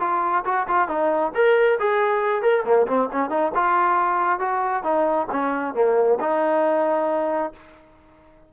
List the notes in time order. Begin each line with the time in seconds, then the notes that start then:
0.00 F4
0.45 F#4
0.68 F4
0.88 D#4
1.35 A#4
1.79 G#4
2.42 A#4
2.65 A#3
2.87 C4
3.12 C#4
3.30 D#4
3.55 F4
4.40 F#4
4.83 D#4
5.31 C#4
5.74 A#3
6.20 D#4